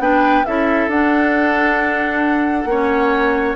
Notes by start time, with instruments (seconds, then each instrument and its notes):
0.00 bassoon B3, clarinet D4, oboe B4, flute G5
0.45 bassoon C#4, clarinet E4, oboe A4, flute E5
0.88 bassoon D4, clarinet D4, flute F#5
2.65 bassoon A#3, clarinet C#4, oboe C#5